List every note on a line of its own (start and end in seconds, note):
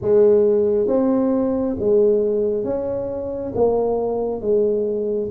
0.01 0.87 G#3
0.87 1.76 C4
1.79 2.64 G#3
2.64 3.52 C#4
3.54 4.41 A#3
4.41 5.29 G#3